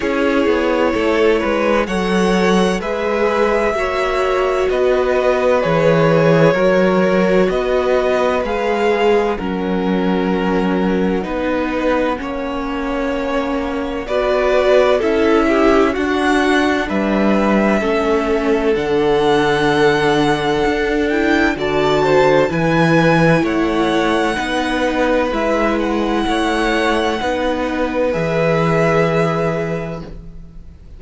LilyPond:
<<
  \new Staff \with { instrumentName = "violin" } { \time 4/4 \tempo 4 = 64 cis''2 fis''4 e''4~ | e''4 dis''4 cis''2 | dis''4 f''4 fis''2~ | fis''2. d''4 |
e''4 fis''4 e''2 | fis''2~ fis''8 g''8 a''4 | gis''4 fis''2 e''8 fis''8~ | fis''2 e''2 | }
  \new Staff \with { instrumentName = "violin" } { \time 4/4 gis'4 a'8 b'8 cis''4 b'4 | cis''4 b'2 ais'4 | b'2 ais'2 | b'4 cis''2 b'4 |
a'8 g'8 fis'4 b'4 a'4~ | a'2. d''8 c''8 | b'4 cis''4 b'2 | cis''4 b'2. | }
  \new Staff \with { instrumentName = "viola" } { \time 4/4 e'2 a'4 gis'4 | fis'2 gis'4 fis'4~ | fis'4 gis'4 cis'2 | dis'4 cis'2 fis'4 |
e'4 d'2 cis'4 | d'2~ d'8 e'8 fis'4 | e'2 dis'4 e'4~ | e'4 dis'4 gis'2 | }
  \new Staff \with { instrumentName = "cello" } { \time 4/4 cis'8 b8 a8 gis8 fis4 gis4 | ais4 b4 e4 fis4 | b4 gis4 fis2 | b4 ais2 b4 |
cis'4 d'4 g4 a4 | d2 d'4 d4 | e4 a4 b4 gis4 | a4 b4 e2 | }
>>